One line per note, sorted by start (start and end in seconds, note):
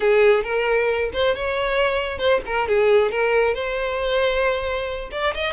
0.00 0.43 G#4
0.43 1.10 A#4
1.13 1.35 C5
1.35 2.18 C#5
2.18 2.40 C5
2.46 2.67 A#4
2.67 3.11 G#4
3.11 3.54 A#4
3.54 5.09 C5
5.11 5.34 D5
5.34 5.52 D#5